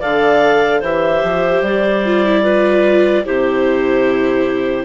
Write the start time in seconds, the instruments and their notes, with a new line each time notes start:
0.00 bassoon D3, viola A4, clarinet D5 F5
0.80 bassoon E3, viola G4, clarinet C5 E5
1.24 bassoon F3
1.62 bassoon G3, clarinet D5
2.06 viola F4
2.25 viola E4
2.43 viola F4, clarinet B4
3.25 bassoon C3, viola E4, clarinet G4 C5